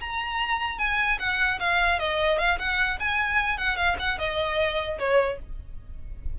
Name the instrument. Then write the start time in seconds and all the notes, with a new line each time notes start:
violin
0.00 A#5
0.78 G#5
1.19 F#5
1.59 F5
1.99 D#5
2.38 F5
2.59 F#5
2.99 G#5
3.57 F#5
3.76 F5
3.99 F#5
4.18 D#5
4.98 C#5